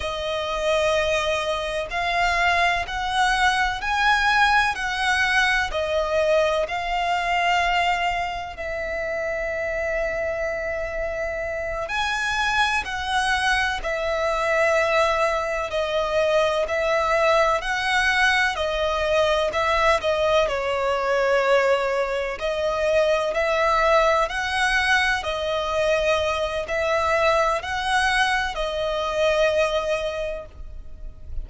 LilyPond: \new Staff \with { instrumentName = "violin" } { \time 4/4 \tempo 4 = 63 dis''2 f''4 fis''4 | gis''4 fis''4 dis''4 f''4~ | f''4 e''2.~ | e''8 gis''4 fis''4 e''4.~ |
e''8 dis''4 e''4 fis''4 dis''8~ | dis''8 e''8 dis''8 cis''2 dis''8~ | dis''8 e''4 fis''4 dis''4. | e''4 fis''4 dis''2 | }